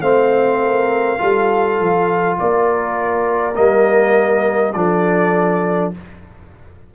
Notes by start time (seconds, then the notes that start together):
0.00 A3 C4 C5 F5
0.61 A#4
1.18 G3 F4 A4
1.79 F3
2.38 A#3 A#4 D5
3.55 G3 A#3 D#5
4.73 F3 D4 A4 D5